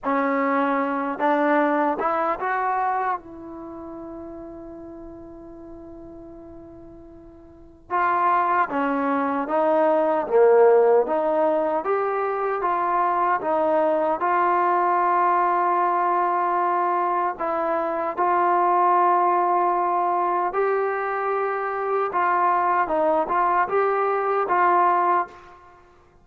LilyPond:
\new Staff \with { instrumentName = "trombone" } { \time 4/4 \tempo 4 = 76 cis'4. d'4 e'8 fis'4 | e'1~ | e'2 f'4 cis'4 | dis'4 ais4 dis'4 g'4 |
f'4 dis'4 f'2~ | f'2 e'4 f'4~ | f'2 g'2 | f'4 dis'8 f'8 g'4 f'4 | }